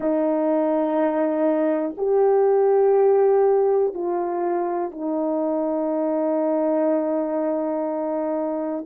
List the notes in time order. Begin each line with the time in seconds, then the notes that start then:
0.00 D#4
1.97 G4
3.93 F4
4.91 D#4